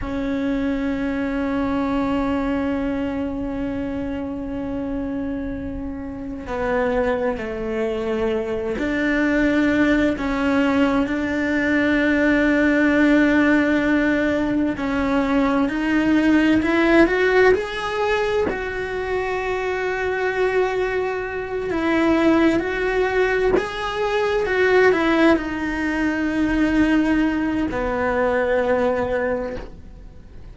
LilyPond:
\new Staff \with { instrumentName = "cello" } { \time 4/4 \tempo 4 = 65 cis'1~ | cis'2. b4 | a4. d'4. cis'4 | d'1 |
cis'4 dis'4 e'8 fis'8 gis'4 | fis'2.~ fis'8 e'8~ | e'8 fis'4 gis'4 fis'8 e'8 dis'8~ | dis'2 b2 | }